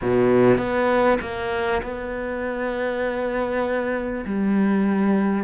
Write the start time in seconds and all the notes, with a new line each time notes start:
0.01 B2
0.57 B3
1.21 A#3
1.82 B3
4.25 G3